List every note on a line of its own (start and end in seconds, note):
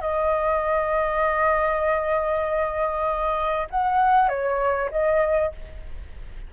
0.00 3.67 D#5
3.70 4.28 F#5
4.28 4.90 C#5
4.90 5.52 D#5